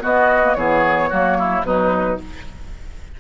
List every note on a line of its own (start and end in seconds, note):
0.00 0.41 B3
0.00 0.57 B3
0.00 0.57 F#4
0.00 0.55 D#5
0.43 0.57 A#3
0.55 1.11 E3
0.55 1.11 B3
0.55 1.10 G#4
0.55 1.64 C#5
1.10 1.63 F#3
1.10 1.65 A#3
1.10 1.37 F#4
1.39 1.66 E4
1.63 2.17 B2
1.63 2.20 F#3
1.63 2.20 D#4
1.63 2.20 B4